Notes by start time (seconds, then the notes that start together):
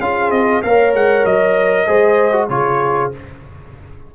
0.00 C#4 F4 G#4 F5
0.31 C4 D#5
0.62 A#3 A#4 C#5 F5
0.94 G#3 F#5
1.25 F#3 D#5
1.86 G#3 G#4 C5
2.32 F#4
2.49 C#3 F4 G#4 C#5